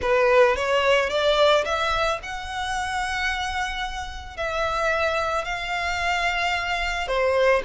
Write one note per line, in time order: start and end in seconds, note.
0.01 0.56 B4
0.56 1.09 C#5
1.09 1.64 D5
1.65 2.19 E5
2.22 4.36 F#5
4.36 5.44 E5
5.44 7.07 F5
7.07 7.62 C5